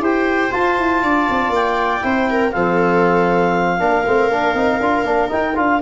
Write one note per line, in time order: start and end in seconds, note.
0.00 0.50 E4
0.00 0.51 G4
0.00 1.02 C5
0.00 0.52 G5
0.51 2.01 F4
0.51 0.78 F4
0.51 1.53 A5
0.78 1.03 E4
1.03 1.28 D4
1.03 2.04 D5
1.30 1.49 C4
1.49 2.00 A#3
1.49 2.52 G5
2.01 2.54 C4
2.01 2.52 E4
2.01 2.30 C5
2.30 2.55 A#4
2.52 3.80 F3
2.52 3.78 C4
2.52 3.80 A4
2.52 5.29 F5
3.78 4.05 A#3
3.78 4.04 D4
3.78 5.81 A#4
4.06 4.28 A3
4.06 4.31 C4
4.28 4.54 A#3
4.28 4.55 D4
4.54 4.79 C4
4.54 4.80 D#4
4.80 5.03 D4
4.80 5.05 F4
5.03 5.29 A#3
5.03 5.28 D4
5.28 5.53 D#4
5.28 5.57 D#4
5.28 5.56 G5
5.55 5.81 D4
5.55 5.80 F4
5.55 5.81 F5